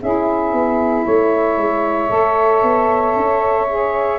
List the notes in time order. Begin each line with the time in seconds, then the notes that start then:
0.00 C#4 E4 G#4 E5
0.52 B3
1.04 A3 C#5
1.57 G#3
2.08 A3 A4
2.62 B3
3.15 C#4
3.68 G#4